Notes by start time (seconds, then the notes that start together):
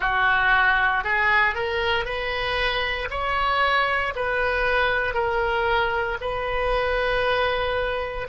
0.00 F#4
1.03 G#4
1.55 A#4
2.05 B4
3.10 C#5
4.15 B4
5.14 A#4
6.20 B4